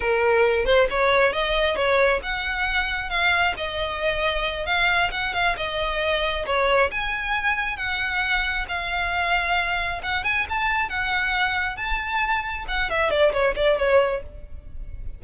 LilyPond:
\new Staff \with { instrumentName = "violin" } { \time 4/4 \tempo 4 = 135 ais'4. c''8 cis''4 dis''4 | cis''4 fis''2 f''4 | dis''2~ dis''8 f''4 fis''8 | f''8 dis''2 cis''4 gis''8~ |
gis''4. fis''2 f''8~ | f''2~ f''8 fis''8 gis''8 a''8~ | a''8 fis''2 a''4.~ | a''8 fis''8 e''8 d''8 cis''8 d''8 cis''4 | }